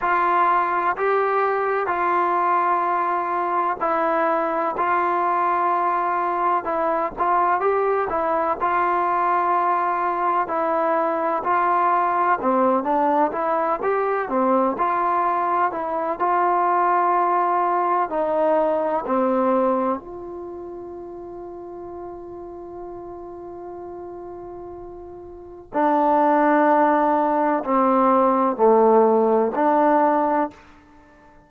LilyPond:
\new Staff \with { instrumentName = "trombone" } { \time 4/4 \tempo 4 = 63 f'4 g'4 f'2 | e'4 f'2 e'8 f'8 | g'8 e'8 f'2 e'4 | f'4 c'8 d'8 e'8 g'8 c'8 f'8~ |
f'8 e'8 f'2 dis'4 | c'4 f'2.~ | f'2. d'4~ | d'4 c'4 a4 d'4 | }